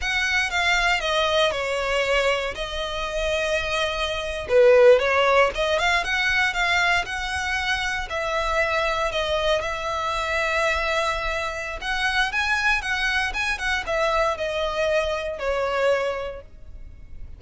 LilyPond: \new Staff \with { instrumentName = "violin" } { \time 4/4 \tempo 4 = 117 fis''4 f''4 dis''4 cis''4~ | cis''4 dis''2.~ | dis''8. b'4 cis''4 dis''8 f''8 fis''16~ | fis''8. f''4 fis''2 e''16~ |
e''4.~ e''16 dis''4 e''4~ e''16~ | e''2. fis''4 | gis''4 fis''4 gis''8 fis''8 e''4 | dis''2 cis''2 | }